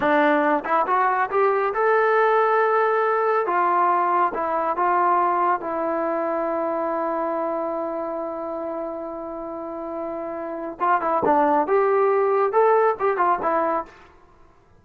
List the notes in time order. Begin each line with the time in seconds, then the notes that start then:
0.00 D4
0.64 E4
0.87 F#4
1.30 G4
1.74 A4
3.46 F4
4.33 E4
4.76 F4
5.60 E4
10.80 F4
11.01 E4
11.24 D4
11.67 G4
12.52 A4
12.99 G4
13.17 F4
13.41 E4